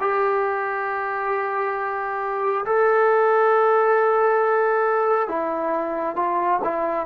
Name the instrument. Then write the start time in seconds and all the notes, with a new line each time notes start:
trombone
0.00 G4
2.66 A4
5.28 E4
6.16 F4
6.64 E4